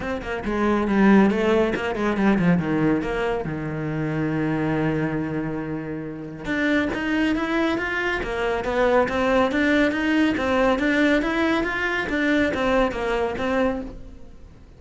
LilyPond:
\new Staff \with { instrumentName = "cello" } { \time 4/4 \tempo 4 = 139 c'8 ais8 gis4 g4 a4 | ais8 gis8 g8 f8 dis4 ais4 | dis1~ | dis2. d'4 |
dis'4 e'4 f'4 ais4 | b4 c'4 d'4 dis'4 | c'4 d'4 e'4 f'4 | d'4 c'4 ais4 c'4 | }